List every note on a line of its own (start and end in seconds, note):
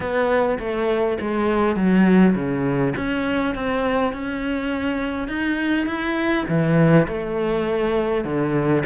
0.00 0.58 B3
0.59 1.18 A3
1.20 1.76 G#3
1.76 2.34 F#3
2.35 2.94 C#3
2.96 3.55 C#4
3.55 4.13 C4
4.13 5.28 C#4
5.28 5.86 D#4
5.86 6.45 E4
6.48 7.07 E3
7.07 8.24 A3
8.24 8.83 D3